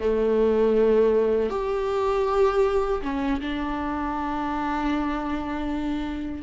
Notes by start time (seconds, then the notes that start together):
0.00 A3
1.50 G4
3.02 C#4
3.41 D4